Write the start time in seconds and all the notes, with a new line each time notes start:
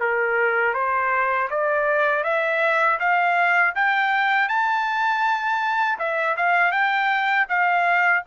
0.00 A#4
0.74 C5
1.50 D5
2.24 E5
3.00 F5
3.75 G5
4.49 A5
5.99 E5
6.37 F5
6.72 G5
7.49 F5